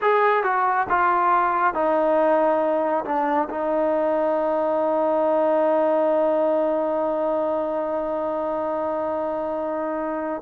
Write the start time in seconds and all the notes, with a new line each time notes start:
0.01 G#4
0.43 F#4
0.89 F4
1.74 D#4
3.04 D4
3.49 D#4